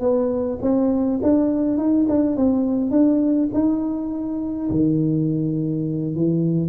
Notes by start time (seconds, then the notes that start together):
0.00 B3
0.62 C4
1.22 D4
1.78 D#4
2.09 D4
2.36 C4
2.91 D4
3.54 D#4
4.71 D#3
6.15 E3